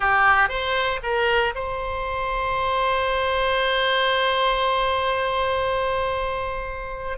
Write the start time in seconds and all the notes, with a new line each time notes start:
0.00 G4
0.48 C5
1.03 A#4
1.55 C5